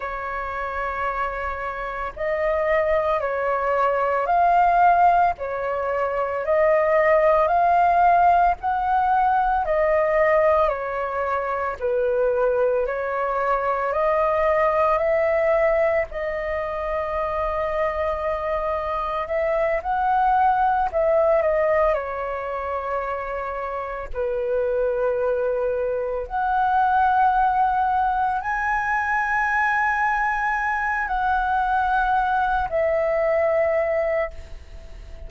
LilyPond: \new Staff \with { instrumentName = "flute" } { \time 4/4 \tempo 4 = 56 cis''2 dis''4 cis''4 | f''4 cis''4 dis''4 f''4 | fis''4 dis''4 cis''4 b'4 | cis''4 dis''4 e''4 dis''4~ |
dis''2 e''8 fis''4 e''8 | dis''8 cis''2 b'4.~ | b'8 fis''2 gis''4.~ | gis''4 fis''4. e''4. | }